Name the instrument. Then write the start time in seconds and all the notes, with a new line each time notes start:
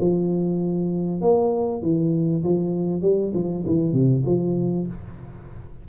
tuba
0.00 F3
1.21 A#3
1.82 E3
2.43 F3
3.01 G3
3.34 F3
3.66 E3
3.92 C3
4.25 F3